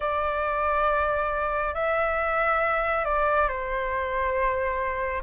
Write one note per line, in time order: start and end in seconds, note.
0.00 1.74 D5
1.74 3.04 E5
3.04 3.48 D5
3.48 5.22 C5